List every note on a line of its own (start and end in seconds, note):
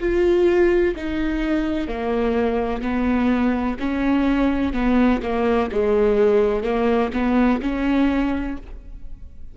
0.00 0.95 F4
0.96 1.88 D#4
1.88 2.82 A#3
2.82 3.77 B3
3.80 4.73 C#4
4.73 5.21 B3
5.23 5.71 A#3
5.72 6.64 G#3
6.64 7.12 A#3
7.13 7.61 B3
7.62 8.58 C#4